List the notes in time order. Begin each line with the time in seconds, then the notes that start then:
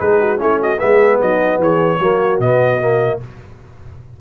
0.00 G#3 D#4 G#4 B4
0.21 F#4
0.37 A3 C#4 E4 C#5
0.61 F#4 D#5
0.79 G#3 B3 G#4 E5
1.21 F#3 D#4 D#5
1.58 E3 G#4 C#5
1.98 F#3 A#3 F#4
2.39 B2 B3 D#5
2.81 A#3